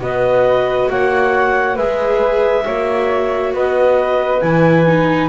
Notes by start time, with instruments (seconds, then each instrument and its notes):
0.00 double bass B3, viola F#4, flute B4, clarinet D#5
0.90 double bass A#3, flute C#5, clarinet F#5
1.75 double bass G#3, viola G#4, flute B4, clarinet E5
2.65 double bass A#3, viola F#4, flute C#5
3.53 double bass B3, flute B4, clarinet D#5
4.41 double bass E3, viola E4, clarinet G#5
4.86 viola D#4